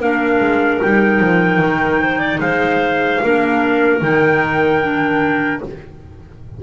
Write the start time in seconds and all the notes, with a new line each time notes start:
0.00 A#3 D4 A#4 F5
0.40 G#3
0.82 G3 D#4 G5
1.20 F3
1.59 D#3
2.01 C5
2.19 D5
2.40 G#3 C5 F5
3.23 A#3 D4 A#4
4.00 D#3 D#4 G5
4.82 D4